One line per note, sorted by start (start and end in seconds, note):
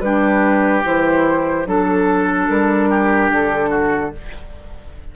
0.00 0.83 G3
0.00 0.84 D4
0.00 1.67 G4
0.00 0.82 B4
0.84 1.66 E3
0.84 1.65 E4
0.84 1.67 C5
1.65 2.48 F#3
1.65 4.12 D4
1.65 2.89 A4
1.65 2.49 A4
2.49 3.30 G3
2.49 3.31 A#4
2.89 3.70 G4
3.30 4.12 D3
3.30 4.15 A4
3.70 4.11 F#4